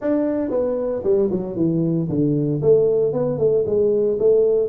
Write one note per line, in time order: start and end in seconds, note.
0.01 0.50 D4
0.50 1.02 B3
1.03 1.29 G3
1.30 1.56 F#3
1.56 2.08 E3
2.09 2.61 D3
2.62 3.12 A3
3.12 3.38 B3
3.38 3.64 A3
3.65 4.18 G#3
4.19 4.68 A3